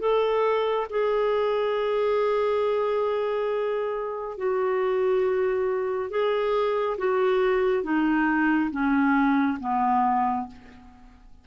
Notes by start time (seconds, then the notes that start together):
0.00 A4
0.89 G#4
4.37 F#4
6.10 G#4
6.98 F#4
7.83 D#4
8.71 C#4
9.60 B3